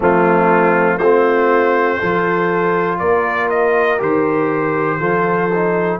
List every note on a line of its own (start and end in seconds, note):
0.00 0.98 F3
0.00 1.00 A3
0.00 0.97 C4
0.00 0.98 F4
0.97 1.98 A3
0.97 2.01 C4
0.97 1.97 F4
0.97 2.98 C5
1.99 3.00 F3
1.99 3.98 F4
1.99 2.99 A4
2.99 4.00 A#3
2.99 4.99 A#4
2.99 3.49 D5
3.49 3.99 D#5
3.98 5.00 D#3
3.98 4.98 G4
3.98 6.00 C5
4.99 6.00 F3
4.99 5.49 F4
4.99 5.99 A4
5.54 6.00 D#4